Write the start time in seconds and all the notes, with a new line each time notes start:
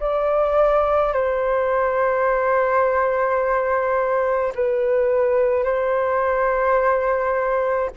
0.00 D5
1.13 C5
4.55 B4
5.64 C5